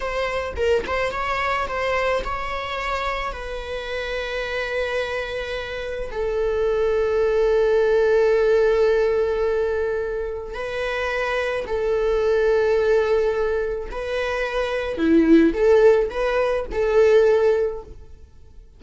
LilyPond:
\new Staff \with { instrumentName = "viola" } { \time 4/4 \tempo 4 = 108 c''4 ais'8 c''8 cis''4 c''4 | cis''2 b'2~ | b'2. a'4~ | a'1~ |
a'2. b'4~ | b'4 a'2.~ | a'4 b'2 e'4 | a'4 b'4 a'2 | }